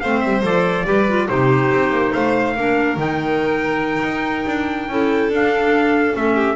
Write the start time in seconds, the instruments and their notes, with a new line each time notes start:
0.00 double bass A3, clarinet C4, violin C5, trumpet F5
0.20 double bass G3, trumpet E5
0.43 double bass F3, clarinet A4, trumpet D5
0.85 double bass G3, clarinet G4, violin B4
1.08 clarinet F4
1.28 double bass C3, clarinet D#4, violin G4, trumpet C5
1.73 double bass C4
1.90 double bass A#3
2.12 double bass A3, violin C5, trumpet F5
2.56 double bass A#3, clarinet D4, violin A#4
2.96 double bass D#3, clarinet D#4, trumpet G5
4.03 double bass D#4
4.46 double bass D4
4.88 double bass C#4, clarinet E4, violin A4
5.29 double bass D4, clarinet D4, trumpet F5
6.14 double bass A3, clarinet C#4, trumpet E5
6.35 violin G4